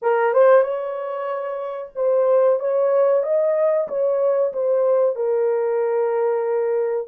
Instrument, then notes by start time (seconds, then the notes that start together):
horn
0.02 A#4
0.33 C5
0.62 C#5
1.95 C5
2.59 C#5
3.23 D#5
3.88 C#5
4.52 C5
5.15 A#4